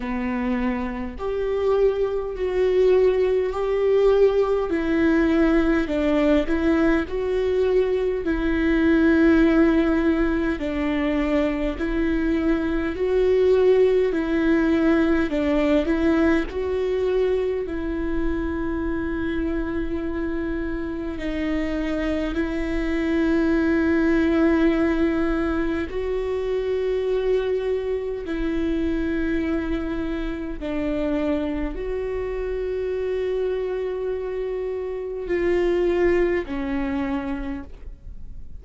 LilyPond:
\new Staff \with { instrumentName = "viola" } { \time 4/4 \tempo 4 = 51 b4 g'4 fis'4 g'4 | e'4 d'8 e'8 fis'4 e'4~ | e'4 d'4 e'4 fis'4 | e'4 d'8 e'8 fis'4 e'4~ |
e'2 dis'4 e'4~ | e'2 fis'2 | e'2 d'4 fis'4~ | fis'2 f'4 cis'4 | }